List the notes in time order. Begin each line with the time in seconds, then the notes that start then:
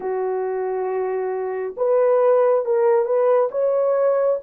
0.00 F#4
1.76 B4
2.65 A#4
3.05 B4
3.51 C#5